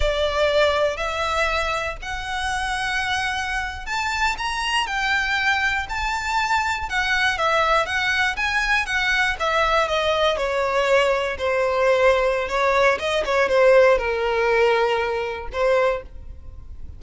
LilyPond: \new Staff \with { instrumentName = "violin" } { \time 4/4 \tempo 4 = 120 d''2 e''2 | fis''2.~ fis''8. a''16~ | a''8. ais''4 g''2 a''16~ | a''4.~ a''16 fis''4 e''4 fis''16~ |
fis''8. gis''4 fis''4 e''4 dis''16~ | dis''8. cis''2 c''4~ c''16~ | c''4 cis''4 dis''8 cis''8 c''4 | ais'2. c''4 | }